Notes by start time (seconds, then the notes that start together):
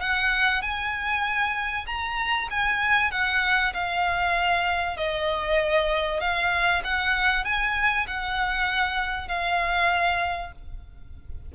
0.00 F#5
0.62 G#5
1.86 A#5
2.50 G#5
3.11 F#5
3.73 F5
4.97 D#5
6.20 F5
6.84 F#5
7.44 G#5
8.07 F#5
9.28 F5